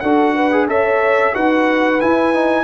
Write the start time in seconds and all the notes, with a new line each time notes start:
0.00 D4 F#4 A4 F#5
0.35 B4
0.52 G#4
0.68 C#4 A4 C#5 E5
1.33 D#4 F#4 B4 F#5
2.00 E4 G#5
2.34 D#4